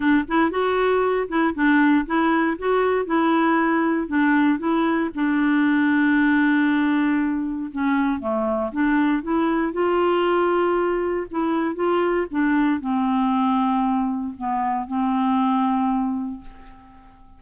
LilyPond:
\new Staff \with { instrumentName = "clarinet" } { \time 4/4 \tempo 4 = 117 d'8 e'8 fis'4. e'8 d'4 | e'4 fis'4 e'2 | d'4 e'4 d'2~ | d'2. cis'4 |
a4 d'4 e'4 f'4~ | f'2 e'4 f'4 | d'4 c'2. | b4 c'2. | }